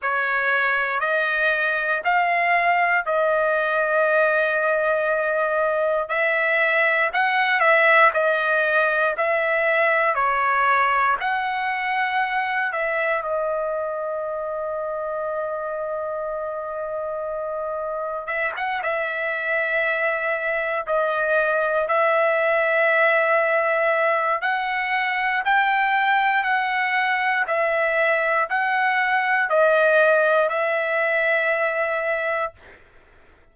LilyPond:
\new Staff \with { instrumentName = "trumpet" } { \time 4/4 \tempo 4 = 59 cis''4 dis''4 f''4 dis''4~ | dis''2 e''4 fis''8 e''8 | dis''4 e''4 cis''4 fis''4~ | fis''8 e''8 dis''2.~ |
dis''2 e''16 fis''16 e''4.~ | e''8 dis''4 e''2~ e''8 | fis''4 g''4 fis''4 e''4 | fis''4 dis''4 e''2 | }